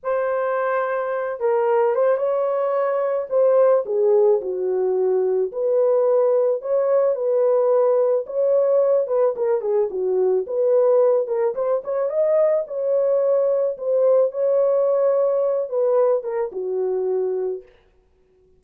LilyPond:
\new Staff \with { instrumentName = "horn" } { \time 4/4 \tempo 4 = 109 c''2~ c''8 ais'4 c''8 | cis''2 c''4 gis'4 | fis'2 b'2 | cis''4 b'2 cis''4~ |
cis''8 b'8 ais'8 gis'8 fis'4 b'4~ | b'8 ais'8 c''8 cis''8 dis''4 cis''4~ | cis''4 c''4 cis''2~ | cis''8 b'4 ais'8 fis'2 | }